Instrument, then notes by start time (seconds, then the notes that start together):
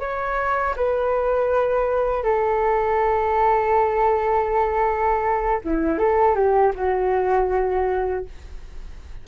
flute
0.00 C#5
0.76 B4
2.23 A4
5.64 E4
5.98 A4
6.35 G4
6.75 F#4